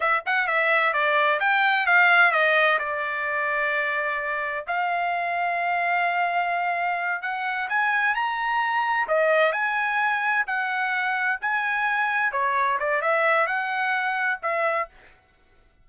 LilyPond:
\new Staff \with { instrumentName = "trumpet" } { \time 4/4 \tempo 4 = 129 e''8 fis''8 e''4 d''4 g''4 | f''4 dis''4 d''2~ | d''2 f''2~ | f''2.~ f''8 fis''8~ |
fis''8 gis''4 ais''2 dis''8~ | dis''8 gis''2 fis''4.~ | fis''8 gis''2 cis''4 d''8 | e''4 fis''2 e''4 | }